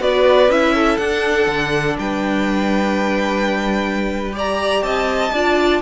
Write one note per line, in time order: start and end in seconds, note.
0.00 0.48 B3
0.00 0.50 F#4
0.00 0.74 B4
0.00 0.52 D5
0.48 0.98 C#4
0.48 1.00 E4
0.48 0.98 E5
0.75 1.99 A4
0.98 1.47 D4
0.98 4.32 D4
0.98 1.97 F#5
1.47 1.97 D3
1.99 4.82 G3
1.99 4.35 B4
1.99 4.35 G5
4.32 5.31 G4
4.32 4.85 D5
4.39 4.83 A#5
4.82 5.32 C4
4.82 5.34 D#5
4.82 5.82 A5
5.33 5.82 D4
5.33 5.82 F4
5.33 5.82 D5